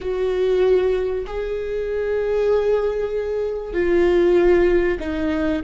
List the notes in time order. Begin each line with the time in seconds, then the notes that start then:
0.00 F#4
1.26 G#4
3.73 F4
4.99 D#4